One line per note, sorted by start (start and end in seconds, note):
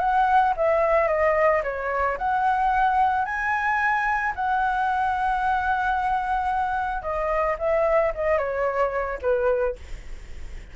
0.00 0.54 F#5
0.57 1.08 E5
1.08 1.62 D#5
1.64 2.18 C#5
2.18 3.26 F#5
3.26 4.34 G#5
4.36 7.03 F#5
7.03 7.57 D#5
7.59 8.13 E5
8.15 8.38 D#5
8.38 9.19 C#5
9.22 9.76 B4